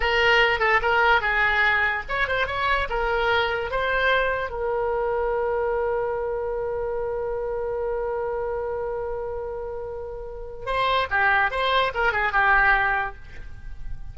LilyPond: \new Staff \with { instrumentName = "oboe" } { \time 4/4 \tempo 4 = 146 ais'4. a'8 ais'4 gis'4~ | gis'4 cis''8 c''8 cis''4 ais'4~ | ais'4 c''2 ais'4~ | ais'1~ |
ais'1~ | ais'1~ | ais'2 c''4 g'4 | c''4 ais'8 gis'8 g'2 | }